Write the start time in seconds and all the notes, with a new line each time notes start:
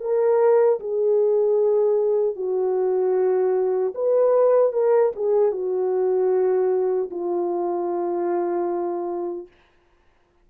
0.00 A#4
0.79 G#4
2.35 F#4
3.94 B4
4.72 A#4
5.16 G#4
5.52 F#4
7.10 F4